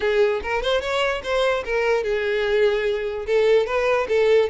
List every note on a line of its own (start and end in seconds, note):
0.00 0.41 G#4
0.42 0.62 A#4
0.62 0.81 C5
0.81 1.22 C#5
1.23 1.64 C5
1.65 2.03 A#4
2.03 3.26 G#4
3.26 3.66 A4
3.66 4.07 B4
4.08 4.49 A4